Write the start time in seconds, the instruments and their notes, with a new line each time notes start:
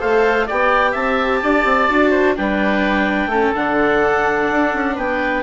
0.00 bassoon A3, viola A4, oboe C5, clarinet F5
0.47 bassoon B3, viola G4, oboe D5, clarinet G5
0.92 bassoon C4, oboe E5, clarinet A5
1.43 bassoon D4, oboe D5
1.65 bassoon C4
1.90 bassoon D4, viola F#4
2.11 oboe C5
2.36 bassoon G3, viola D4, oboe B4, clarinet G5
3.27 bassoon A3, viola C#4, oboe A4
3.55 bassoon D3, viola D4, clarinet F#5
4.52 bassoon D4
4.74 bassoon C#4
4.96 bassoon B3, oboe B4, clarinet G5